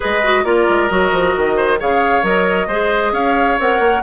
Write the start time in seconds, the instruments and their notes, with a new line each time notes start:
0.00 bassoon G#3, clarinet G#4, oboe B4, flute D#5
0.23 clarinet F#4
0.44 bassoon A#3, clarinet F4, oboe A#4, flute D5
0.69 bassoon G#3
0.88 bassoon F#3, clarinet F#4, flute D#5
1.12 bassoon F3
1.36 bassoon D#3
1.56 oboe C5
1.79 bassoon C#3, clarinet G#4, oboe C#5, flute F5
2.22 bassoon F#3, clarinet A#4, flute D#5
2.67 bassoon G#3, clarinet G#4, oboe C5
3.11 bassoon C#4, oboe C#5, flute F5
3.59 bassoon C4, clarinet A#4, flute F#5
3.79 bassoon A#3